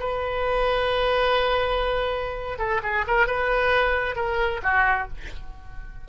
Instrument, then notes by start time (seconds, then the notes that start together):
oboe
0.00 B4
2.59 A4
2.83 G#4
3.08 A#4
3.27 B4
4.16 A#4
4.63 F#4